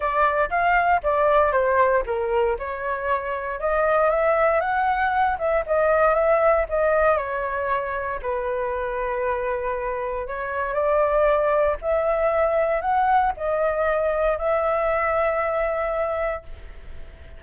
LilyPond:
\new Staff \with { instrumentName = "flute" } { \time 4/4 \tempo 4 = 117 d''4 f''4 d''4 c''4 | ais'4 cis''2 dis''4 | e''4 fis''4. e''8 dis''4 | e''4 dis''4 cis''2 |
b'1 | cis''4 d''2 e''4~ | e''4 fis''4 dis''2 | e''1 | }